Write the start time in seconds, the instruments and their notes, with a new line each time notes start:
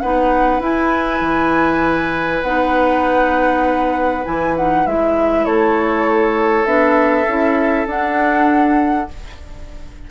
0.00 bassoon B3, clarinet D#4, oboe B4, flute F#5
0.60 bassoon E4, clarinet E4, flute G#5
1.21 bassoon E3
2.42 bassoon B3, clarinet D#4, flute F#5
4.25 bassoon E3, clarinet E4, flute G#5
4.56 clarinet D#4, flute F#5
4.86 bassoon G#3, clarinet E4, flute E5
5.45 bassoon A3, oboe A4, flute C#5
6.65 bassoon B3, clarinet D4, flute E5
7.27 bassoon C#4, clarinet E4
7.86 bassoon D4, clarinet D4, flute F#5